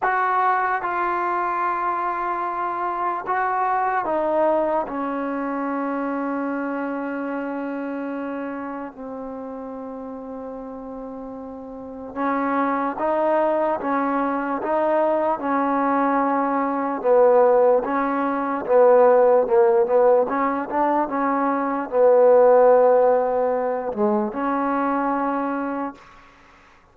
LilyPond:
\new Staff \with { instrumentName = "trombone" } { \time 4/4 \tempo 4 = 74 fis'4 f'2. | fis'4 dis'4 cis'2~ | cis'2. c'4~ | c'2. cis'4 |
dis'4 cis'4 dis'4 cis'4~ | cis'4 b4 cis'4 b4 | ais8 b8 cis'8 d'8 cis'4 b4~ | b4. gis8 cis'2 | }